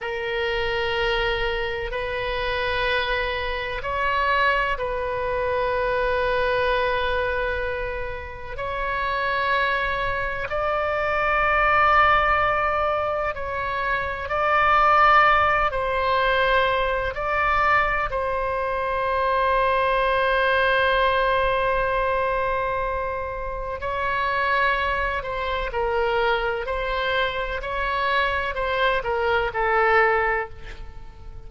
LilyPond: \new Staff \with { instrumentName = "oboe" } { \time 4/4 \tempo 4 = 63 ais'2 b'2 | cis''4 b'2.~ | b'4 cis''2 d''4~ | d''2 cis''4 d''4~ |
d''8 c''4. d''4 c''4~ | c''1~ | c''4 cis''4. c''8 ais'4 | c''4 cis''4 c''8 ais'8 a'4 | }